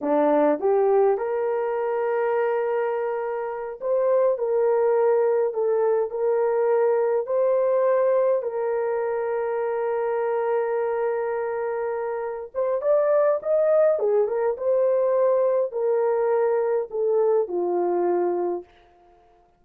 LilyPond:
\new Staff \with { instrumentName = "horn" } { \time 4/4 \tempo 4 = 103 d'4 g'4 ais'2~ | ais'2~ ais'8 c''4 ais'8~ | ais'4. a'4 ais'4.~ | ais'8 c''2 ais'4.~ |
ais'1~ | ais'4. c''8 d''4 dis''4 | gis'8 ais'8 c''2 ais'4~ | ais'4 a'4 f'2 | }